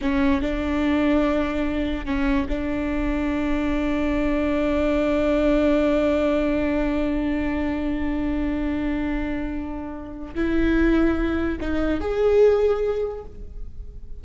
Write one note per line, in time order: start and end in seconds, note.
0.01 0.41 C#4
0.41 2.05 D4
2.05 2.47 C#4
2.48 10.34 D4
10.34 11.58 E4
11.60 12.00 D#4
12.00 13.24 G#4